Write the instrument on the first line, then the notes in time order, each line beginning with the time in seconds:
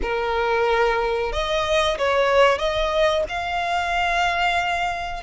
violin
0.02 A#4
1.32 D#5
1.97 C#5
2.58 D#5
3.28 F5